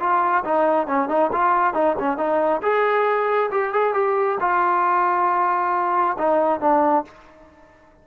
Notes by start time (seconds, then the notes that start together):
0.00 F4
0.45 D#4
0.87 C#4
1.09 D#4
1.33 F4
1.74 D#4
1.99 C#4
2.18 D#4
2.62 G#4
3.51 G4
3.73 G#4
3.94 G4
4.41 F4
6.18 D#4
6.60 D4